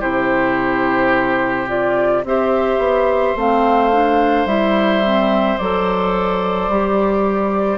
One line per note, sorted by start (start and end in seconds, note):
0.00 2.24 C3
0.00 1.67 E4
0.00 2.22 G4
0.00 1.68 C5
1.67 2.23 F4
1.67 2.24 D5
2.24 2.78 C4
2.24 3.37 G4
2.24 7.78 C5
2.24 3.38 E5
2.78 3.34 B3
3.36 4.46 A3
3.36 3.92 C4
3.36 4.47 F5
3.92 4.48 D4
4.46 5.57 G3
4.46 5.03 E4
4.46 5.58 E5
5.04 5.59 C4
5.58 6.68 F#3
5.58 6.72 A4
5.58 7.78 D5
6.68 7.78 G3
6.68 7.78 G4